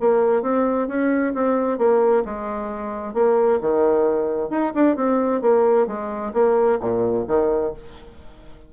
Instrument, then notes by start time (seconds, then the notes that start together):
bassoon
0.00 A#3
0.42 C4
0.88 C#4
1.34 C4
1.78 A#3
2.25 G#3
3.14 A#3
3.61 D#3
4.50 D#4
4.74 D4
4.96 C4
5.41 A#3
5.87 G#3
6.33 A#3
6.80 A#2
7.27 D#3